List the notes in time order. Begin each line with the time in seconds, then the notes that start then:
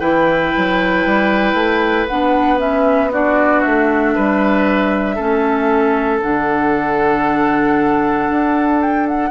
0.00 E3 E4 B4 G5
0.57 F#3
1.06 G3
1.54 A3
2.08 B3 D4 F#5
2.58 C#4 E5
3.11 D4 F#4 D5
3.61 A3 E5
4.15 G3 B4
5.16 A3 C#4 A4
6.22 D3 D4 F#5
8.30 D4
8.81 G5
9.08 F#5